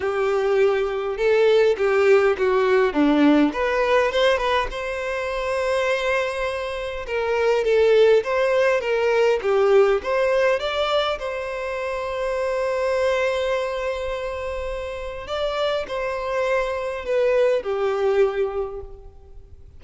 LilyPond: \new Staff \with { instrumentName = "violin" } { \time 4/4 \tempo 4 = 102 g'2 a'4 g'4 | fis'4 d'4 b'4 c''8 b'8 | c''1 | ais'4 a'4 c''4 ais'4 |
g'4 c''4 d''4 c''4~ | c''1~ | c''2 d''4 c''4~ | c''4 b'4 g'2 | }